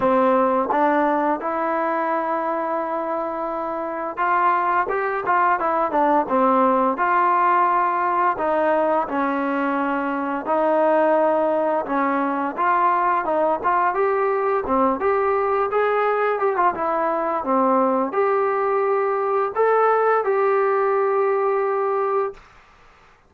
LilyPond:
\new Staff \with { instrumentName = "trombone" } { \time 4/4 \tempo 4 = 86 c'4 d'4 e'2~ | e'2 f'4 g'8 f'8 | e'8 d'8 c'4 f'2 | dis'4 cis'2 dis'4~ |
dis'4 cis'4 f'4 dis'8 f'8 | g'4 c'8 g'4 gis'4 g'16 f'16 | e'4 c'4 g'2 | a'4 g'2. | }